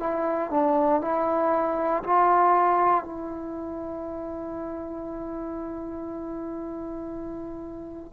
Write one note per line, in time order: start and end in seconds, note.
0.00 0.50 E4
0.50 1.01 D4
1.01 2.03 E4
2.03 3.04 F4
3.04 8.13 E4